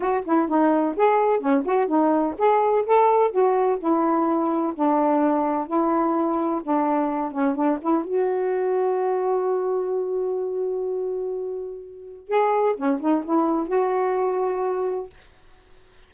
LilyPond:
\new Staff \with { instrumentName = "saxophone" } { \time 4/4 \tempo 4 = 127 fis'8 e'8 dis'4 gis'4 cis'8 fis'8 | dis'4 gis'4 a'4 fis'4 | e'2 d'2 | e'2 d'4. cis'8 |
d'8 e'8 fis'2.~ | fis'1~ | fis'2 gis'4 cis'8 dis'8 | e'4 fis'2. | }